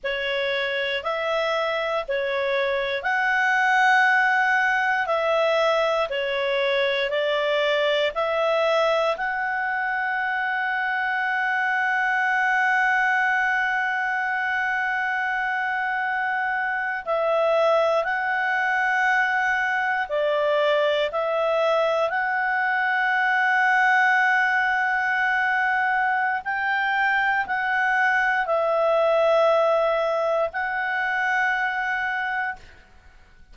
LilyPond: \new Staff \with { instrumentName = "clarinet" } { \time 4/4 \tempo 4 = 59 cis''4 e''4 cis''4 fis''4~ | fis''4 e''4 cis''4 d''4 | e''4 fis''2.~ | fis''1~ |
fis''8. e''4 fis''2 d''16~ | d''8. e''4 fis''2~ fis''16~ | fis''2 g''4 fis''4 | e''2 fis''2 | }